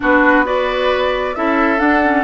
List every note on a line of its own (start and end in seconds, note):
0.00 1.36 B3
0.00 0.44 D4
0.00 0.45 F#4
0.00 0.46 B4
0.45 1.34 F#4
0.45 1.35 B4
0.45 1.35 D5
1.35 1.80 C#4
1.35 1.78 E4
1.35 2.24 A4
1.35 1.79 E5
1.78 2.00 D4
1.78 2.24 D4
1.78 2.24 F#5
2.03 2.24 C#4